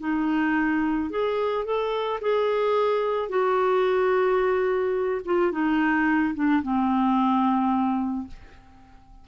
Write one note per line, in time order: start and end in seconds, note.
0.00 1.10 D#4
1.10 1.65 G#4
1.65 2.20 A4
2.21 3.29 G#4
3.29 5.22 F#4
5.25 5.52 F4
5.52 6.34 D#4
6.35 6.62 D4
6.63 8.28 C4